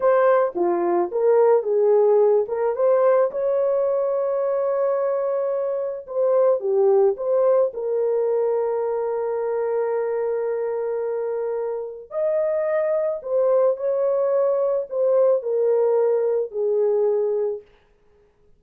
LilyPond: \new Staff \with { instrumentName = "horn" } { \time 4/4 \tempo 4 = 109 c''4 f'4 ais'4 gis'4~ | gis'8 ais'8 c''4 cis''2~ | cis''2. c''4 | g'4 c''4 ais'2~ |
ais'1~ | ais'2 dis''2 | c''4 cis''2 c''4 | ais'2 gis'2 | }